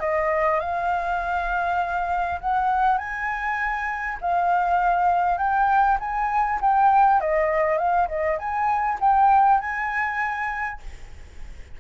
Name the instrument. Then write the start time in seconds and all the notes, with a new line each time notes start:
flute
0.00 D#5
0.60 F5
2.41 F#5
2.98 G#5
4.21 F5
5.38 G5
6.00 G#5
6.61 G5
7.21 D#5
7.78 F5
8.08 D#5
8.39 G#5
9.01 G5
9.60 G#5